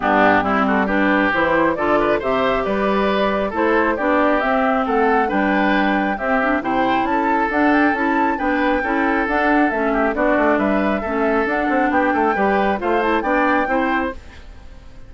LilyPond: <<
  \new Staff \with { instrumentName = "flute" } { \time 4/4 \tempo 4 = 136 g'4. a'8 b'4 c''4 | d''4 e''4 d''2 | c''4 d''4 e''4 fis''4 | g''2 e''4 g''4 |
a''4 fis''8 g''8 a''4 g''4~ | g''4 fis''4 e''4 d''4 | e''2 fis''4 g''4~ | g''4 f''8 a''8 g''2 | }
  \new Staff \with { instrumentName = "oboe" } { \time 4/4 d'4 e'8 fis'8 g'2 | a'8 b'8 c''4 b'2 | a'4 g'2 a'4 | b'2 g'4 c''4 |
a'2. b'4 | a'2~ a'8 g'8 fis'4 | b'4 a'2 g'8 a'8 | b'4 c''4 d''4 c''4 | }
  \new Staff \with { instrumentName = "clarinet" } { \time 4/4 b4 c'4 d'4 e'4 | f'4 g'2. | e'4 d'4 c'2 | d'2 c'8 d'8 e'4~ |
e'4 d'4 e'4 d'4 | e'4 d'4 cis'4 d'4~ | d'4 cis'4 d'2 | g'4 f'8 e'8 d'4 e'4 | }
  \new Staff \with { instrumentName = "bassoon" } { \time 4/4 g,4 g2 e4 | d4 c4 g2 | a4 b4 c'4 a4 | g2 c'4 c4 |
cis'4 d'4 cis'4 b4 | cis'4 d'4 a4 b8 a8 | g4 a4 d'8 c'8 b8 a8 | g4 a4 b4 c'4 | }
>>